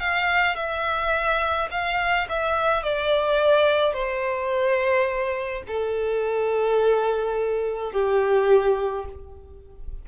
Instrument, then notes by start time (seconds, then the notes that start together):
violin
0.00 F5
0.56 E5
1.71 F5
2.30 E5
2.84 D5
3.94 C5
5.68 A4
7.92 G4